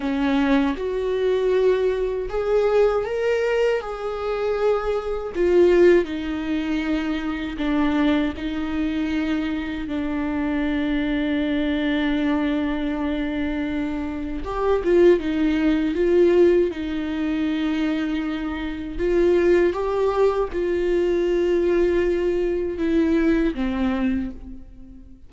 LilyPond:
\new Staff \with { instrumentName = "viola" } { \time 4/4 \tempo 4 = 79 cis'4 fis'2 gis'4 | ais'4 gis'2 f'4 | dis'2 d'4 dis'4~ | dis'4 d'2.~ |
d'2. g'8 f'8 | dis'4 f'4 dis'2~ | dis'4 f'4 g'4 f'4~ | f'2 e'4 c'4 | }